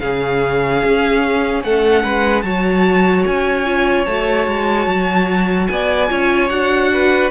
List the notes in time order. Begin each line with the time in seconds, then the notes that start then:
0.00 C#3 C#4 G#4 F5
0.84 C#4
1.63 A3 A4 F#5
2.03 G#3 B4
2.42 F#3 F#4 C#5 A5
3.26 C#4 G#5
3.64 F4
4.05 A3 F#4 A5
4.47 G#3
4.86 F#3
5.67 B3 D5 G#5
6.08 C#4 F4 C#5
6.49 D4 F#4 F#5
6.93 B4